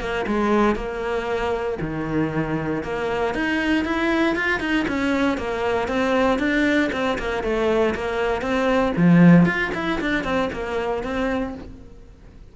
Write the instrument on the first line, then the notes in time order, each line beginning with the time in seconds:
cello
0.00 A#3
0.27 G#3
0.76 A#3
1.81 D#3
2.83 A#3
3.34 D#4
3.85 E4
4.36 F4
4.60 D#4
4.88 C#4
5.38 A#3
5.88 C4
6.39 D4
6.92 C4
7.18 A#3
7.43 A3
7.95 A#3
8.42 C4
8.97 F3
9.45 F4
9.74 E4
10.01 D4
10.24 C4
10.53 A#3
11.03 C4